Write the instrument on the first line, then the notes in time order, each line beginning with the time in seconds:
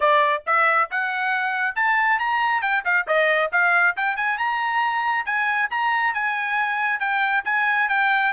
trumpet
0.00 D5
0.46 E5
0.90 F#5
1.75 A5
2.19 A#5
2.61 G5
2.84 F5
3.07 D#5
3.52 F5
3.96 G5
4.16 G#5
4.38 A#5
5.25 G#5
5.70 A#5
6.14 G#5
6.99 G5
7.45 G#5
7.89 G5